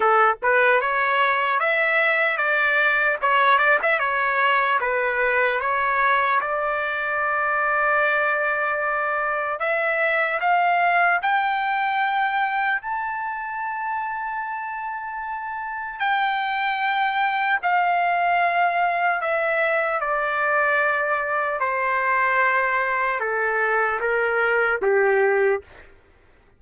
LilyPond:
\new Staff \with { instrumentName = "trumpet" } { \time 4/4 \tempo 4 = 75 a'8 b'8 cis''4 e''4 d''4 | cis''8 d''16 e''16 cis''4 b'4 cis''4 | d''1 | e''4 f''4 g''2 |
a''1 | g''2 f''2 | e''4 d''2 c''4~ | c''4 a'4 ais'4 g'4 | }